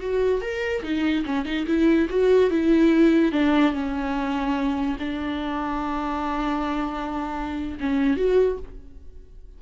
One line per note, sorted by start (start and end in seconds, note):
0.00 0.41 F#4
0.42 0.83 A#4
0.83 1.24 D#4
1.26 1.45 C#4
1.45 1.66 D#4
1.67 2.08 E4
2.10 2.50 F#4
2.50 3.32 E4
3.32 3.73 D4
3.73 4.97 C#4
4.99 7.79 D4
7.80 8.17 C#4
8.17 8.58 F#4